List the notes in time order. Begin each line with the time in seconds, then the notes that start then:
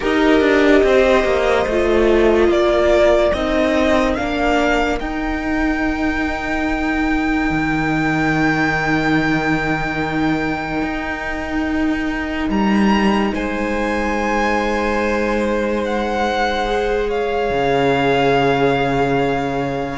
0.00 D#4 G4 A#4 D#5
0.40 D4
0.83 C4 C5
1.24 A#3
1.66 A3 F4
2.48 A#3 A#4 D5
3.32 C4 D#4 D#5
4.15 A#3 D4 F5
4.99 D#4 G5
7.50 D#3
10.82 D#4
12.49 G3 A#5
13.34 G#3 C5 G#5
15.84 F#5
16.65 G#4
17.08 C#5 F5
17.50 C#3